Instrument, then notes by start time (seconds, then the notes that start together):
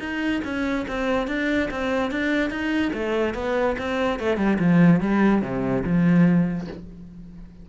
cello
0.00 D#4
0.45 C#4
0.88 C4
1.28 D4
1.71 C4
2.12 D4
2.51 D#4
2.94 A3
3.35 B3
3.79 C4
4.20 A3
4.37 G3
4.59 F3
5.01 G3
5.42 C3
5.84 F3